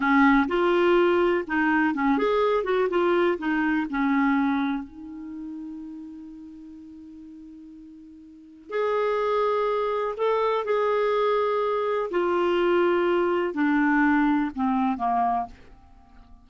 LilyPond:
\new Staff \with { instrumentName = "clarinet" } { \time 4/4 \tempo 4 = 124 cis'4 f'2 dis'4 | cis'8 gis'4 fis'8 f'4 dis'4 | cis'2 dis'2~ | dis'1~ |
dis'2 gis'2~ | gis'4 a'4 gis'2~ | gis'4 f'2. | d'2 c'4 ais4 | }